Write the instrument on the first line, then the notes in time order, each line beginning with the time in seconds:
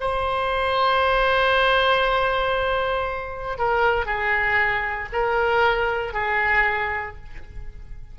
oboe
0.00 C5
3.58 A#4
4.06 G#4
5.13 A#4
6.14 G#4